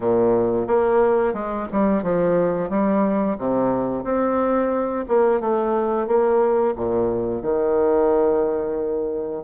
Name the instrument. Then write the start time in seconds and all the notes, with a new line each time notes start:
bassoon
0.00 A#2
0.67 A#3
1.33 G#3
1.72 G3
2.03 F3
2.69 G3
3.37 C3
4.04 C4
5.08 A#3
5.40 A3
6.07 A#3
6.76 A#2
7.42 D#3